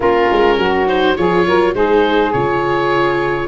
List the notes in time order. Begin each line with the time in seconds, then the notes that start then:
0.00 A#3 C#4 F4 A#4
0.31 G#3
0.58 F#3 F#4
0.86 D#4 C5
1.16 F3 F4 G#4 C#5
1.46 F#3 A#4
1.74 G#3 D#4 G#4 C5
2.32 C#3 F4 C#5